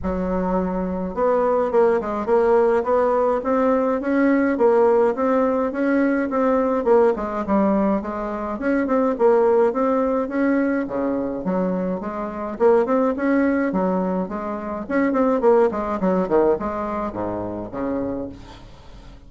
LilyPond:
\new Staff \with { instrumentName = "bassoon" } { \time 4/4 \tempo 4 = 105 fis2 b4 ais8 gis8 | ais4 b4 c'4 cis'4 | ais4 c'4 cis'4 c'4 | ais8 gis8 g4 gis4 cis'8 c'8 |
ais4 c'4 cis'4 cis4 | fis4 gis4 ais8 c'8 cis'4 | fis4 gis4 cis'8 c'8 ais8 gis8 | fis8 dis8 gis4 gis,4 cis4 | }